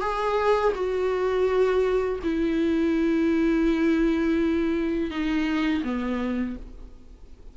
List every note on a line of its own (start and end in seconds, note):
0.00 0.72 G#4
0.75 2.19 F#4
2.23 5.10 E4
5.10 5.82 D#4
5.84 6.56 B3